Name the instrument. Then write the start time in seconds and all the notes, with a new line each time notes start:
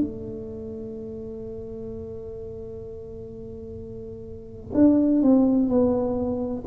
tuba
0.00 A3
4.74 D4
5.22 C4
5.68 B3